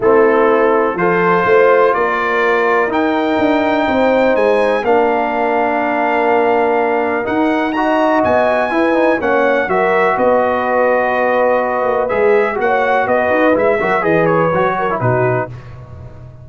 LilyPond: <<
  \new Staff \with { instrumentName = "trumpet" } { \time 4/4 \tempo 4 = 124 a'2 c''2 | d''2 g''2~ | g''4 gis''4 f''2~ | f''2. fis''4 |
ais''4 gis''2 fis''4 | e''4 dis''2.~ | dis''4 e''4 fis''4 dis''4 | e''4 dis''8 cis''4. b'4 | }
  \new Staff \with { instrumentName = "horn" } { \time 4/4 e'2 a'4 c''4 | ais'1 | c''2 ais'2~ | ais'1 |
dis''2 b'4 cis''4 | ais'4 b'2.~ | b'2 cis''4 b'4~ | b'8 ais'8 b'4. ais'8 fis'4 | }
  \new Staff \with { instrumentName = "trombone" } { \time 4/4 c'2 f'2~ | f'2 dis'2~ | dis'2 d'2~ | d'2. dis'4 |
fis'2 e'8 dis'8 cis'4 | fis'1~ | fis'4 gis'4 fis'2 | e'8 fis'8 gis'4 fis'8. e'16 dis'4 | }
  \new Staff \with { instrumentName = "tuba" } { \time 4/4 a2 f4 a4 | ais2 dis'4 d'4 | c'4 gis4 ais2~ | ais2. dis'4~ |
dis'4 b4 e'4 ais4 | fis4 b2.~ | b8 ais8 gis4 ais4 b8 dis'8 | gis8 fis8 e4 fis4 b,4 | }
>>